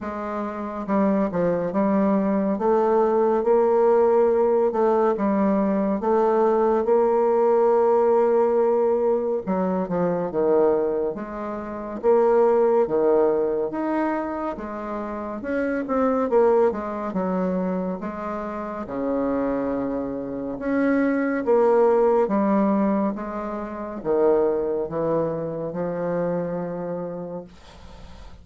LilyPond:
\new Staff \with { instrumentName = "bassoon" } { \time 4/4 \tempo 4 = 70 gis4 g8 f8 g4 a4 | ais4. a8 g4 a4 | ais2. fis8 f8 | dis4 gis4 ais4 dis4 |
dis'4 gis4 cis'8 c'8 ais8 gis8 | fis4 gis4 cis2 | cis'4 ais4 g4 gis4 | dis4 e4 f2 | }